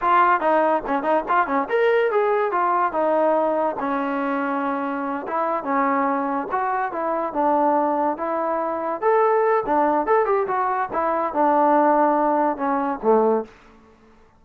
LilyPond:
\new Staff \with { instrumentName = "trombone" } { \time 4/4 \tempo 4 = 143 f'4 dis'4 cis'8 dis'8 f'8 cis'8 | ais'4 gis'4 f'4 dis'4~ | dis'4 cis'2.~ | cis'8 e'4 cis'2 fis'8~ |
fis'8 e'4 d'2 e'8~ | e'4. a'4. d'4 | a'8 g'8 fis'4 e'4 d'4~ | d'2 cis'4 a4 | }